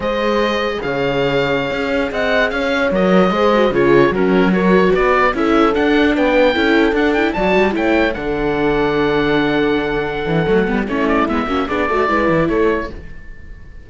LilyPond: <<
  \new Staff \with { instrumentName = "oboe" } { \time 4/4 \tempo 4 = 149 dis''2 f''2~ | f''4~ f''16 fis''4 f''4 dis''8.~ | dis''4~ dis''16 cis''4 ais'4 cis''8.~ | cis''16 d''4 e''4 fis''4 g''8.~ |
g''4~ g''16 fis''8 g''8 a''4 g''8.~ | g''16 fis''2.~ fis''8.~ | fis''2. cis''8 d''8 | e''4 d''2 cis''4 | }
  \new Staff \with { instrumentName = "horn" } { \time 4/4 c''2 cis''2~ | cis''4~ cis''16 dis''4 cis''4.~ cis''16~ | cis''16 c''4 gis'4 fis'4 ais'8.~ | ais'16 b'4 a'2 b'8.~ |
b'16 a'2 d''4 cis''8.~ | cis''16 a'2.~ a'8.~ | a'2. e'4~ | e'8 fis'8 gis'8 a'8 b'4 a'4 | }
  \new Staff \with { instrumentName = "viola" } { \time 4/4 gis'1~ | gis'2.~ gis'16 ais'8.~ | ais'16 gis'8 fis'8 f'4 cis'4 fis'8.~ | fis'4~ fis'16 e'4 d'4.~ d'16~ |
d'16 e'4 d'8 e'8 fis'4 e'8.~ | e'16 d'2.~ d'8.~ | d'2 a8 b8 cis'4 | b8 cis'8 d'8 fis'8 e'2 | }
  \new Staff \with { instrumentName = "cello" } { \time 4/4 gis2 cis2~ | cis16 cis'4 c'4 cis'4 fis8.~ | fis16 gis4 cis4 fis4.~ fis16~ | fis16 b4 cis'4 d'4 b8.~ |
b16 cis'4 d'4 fis8 g8 a8.~ | a16 d2.~ d8.~ | d4. e8 fis8 g8 a4 | gis8 ais8 b8 a8 gis8 e8 a4 | }
>>